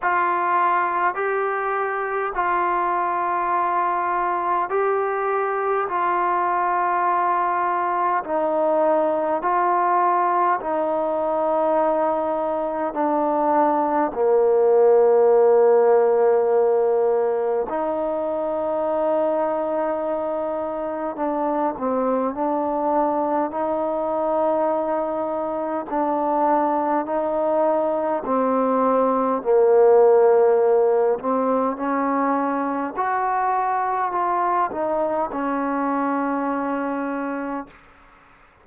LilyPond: \new Staff \with { instrumentName = "trombone" } { \time 4/4 \tempo 4 = 51 f'4 g'4 f'2 | g'4 f'2 dis'4 | f'4 dis'2 d'4 | ais2. dis'4~ |
dis'2 d'8 c'8 d'4 | dis'2 d'4 dis'4 | c'4 ais4. c'8 cis'4 | fis'4 f'8 dis'8 cis'2 | }